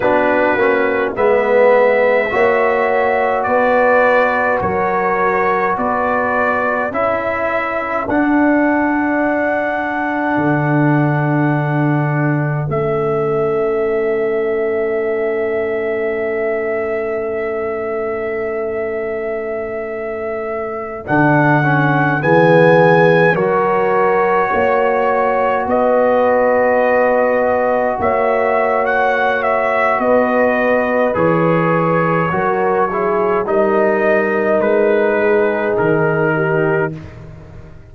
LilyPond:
<<
  \new Staff \with { instrumentName = "trumpet" } { \time 4/4 \tempo 4 = 52 b'4 e''2 d''4 | cis''4 d''4 e''4 fis''4~ | fis''2. e''4~ | e''1~ |
e''2~ e''16 fis''4 gis''8.~ | gis''16 cis''2 dis''4.~ dis''16~ | dis''16 e''8. fis''8 e''8 dis''4 cis''4~ | cis''4 dis''4 b'4 ais'4 | }
  \new Staff \with { instrumentName = "horn" } { \time 4/4 fis'4 b'4 cis''4 b'4 | ais'4 b'4 a'2~ | a'1~ | a'1~ |
a'2.~ a'16 gis'8.~ | gis'16 ais'4 cis''4 b'4.~ b'16~ | b'16 cis''4.~ cis''16 b'2 | ais'8 gis'8 ais'4. gis'4 g'8 | }
  \new Staff \with { instrumentName = "trombone" } { \time 4/4 d'8 cis'8 b4 fis'2~ | fis'2 e'4 d'4~ | d'2. cis'4~ | cis'1~ |
cis'2~ cis'16 d'8 cis'8 b8.~ | b16 fis'2.~ fis'8.~ | fis'2. gis'4 | fis'8 e'8 dis'2. | }
  \new Staff \with { instrumentName = "tuba" } { \time 4/4 b8 ais8 gis4 ais4 b4 | fis4 b4 cis'4 d'4~ | d'4 d2 a4~ | a1~ |
a2~ a16 d4 e8.~ | e16 fis4 ais4 b4.~ b16~ | b16 ais4.~ ais16 b4 e4 | fis4 g4 gis4 dis4 | }
>>